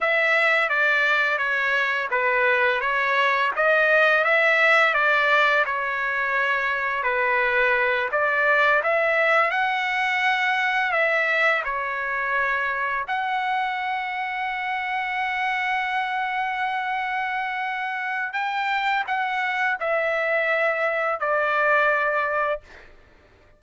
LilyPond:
\new Staff \with { instrumentName = "trumpet" } { \time 4/4 \tempo 4 = 85 e''4 d''4 cis''4 b'4 | cis''4 dis''4 e''4 d''4 | cis''2 b'4. d''8~ | d''8 e''4 fis''2 e''8~ |
e''8 cis''2 fis''4.~ | fis''1~ | fis''2 g''4 fis''4 | e''2 d''2 | }